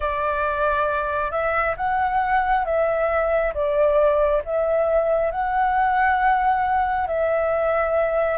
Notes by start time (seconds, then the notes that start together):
0.00 D5
1.31 E5
1.76 F#5
2.65 E5
3.54 D5
4.44 E5
5.31 F#5
7.07 E5